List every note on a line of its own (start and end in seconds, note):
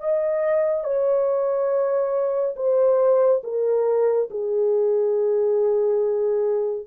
0.00 0.84 D#5
0.84 2.55 C#5
2.56 3.42 C5
3.43 4.29 A#4
4.31 6.86 G#4